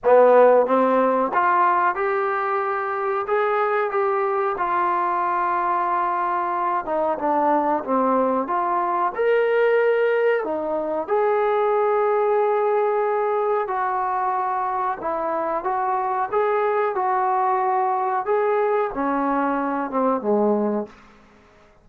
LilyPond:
\new Staff \with { instrumentName = "trombone" } { \time 4/4 \tempo 4 = 92 b4 c'4 f'4 g'4~ | g'4 gis'4 g'4 f'4~ | f'2~ f'8 dis'8 d'4 | c'4 f'4 ais'2 |
dis'4 gis'2.~ | gis'4 fis'2 e'4 | fis'4 gis'4 fis'2 | gis'4 cis'4. c'8 gis4 | }